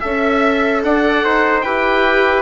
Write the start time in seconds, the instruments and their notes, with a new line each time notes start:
0.00 bassoon C#4, viola A4, oboe E5, trumpet E5
0.84 bassoon D4, trumpet D5, oboe F#5
1.25 bassoon D#4, trumpet C5
1.61 bassoon E4, viola G4, trumpet B4, oboe G5